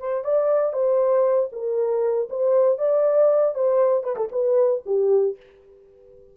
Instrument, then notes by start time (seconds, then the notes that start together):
horn
0.00 C5
0.25 D5
0.73 C5
1.53 A#4
2.30 C5
2.79 D5
3.55 C5
4.04 B4
4.16 A4
4.32 B4
4.86 G4